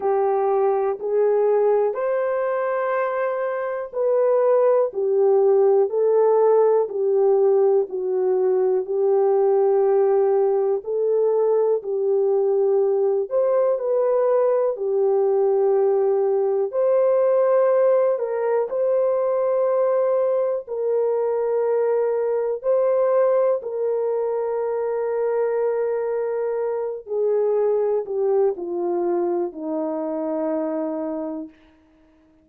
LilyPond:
\new Staff \with { instrumentName = "horn" } { \time 4/4 \tempo 4 = 61 g'4 gis'4 c''2 | b'4 g'4 a'4 g'4 | fis'4 g'2 a'4 | g'4. c''8 b'4 g'4~ |
g'4 c''4. ais'8 c''4~ | c''4 ais'2 c''4 | ais'2.~ ais'8 gis'8~ | gis'8 g'8 f'4 dis'2 | }